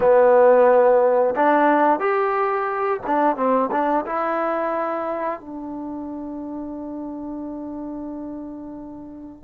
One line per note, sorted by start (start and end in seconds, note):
0.00 1.35 B3
1.35 1.99 D4
1.99 3.00 G4
3.06 3.36 D4
3.36 3.70 C4
3.71 4.05 D4
4.05 5.40 E4
5.40 9.43 D4